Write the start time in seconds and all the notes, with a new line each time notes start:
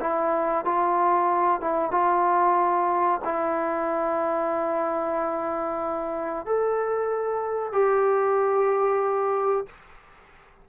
0.00 E4
0.64 F4
1.60 E4
1.91 F4
3.24 E4
6.45 A4
7.72 G4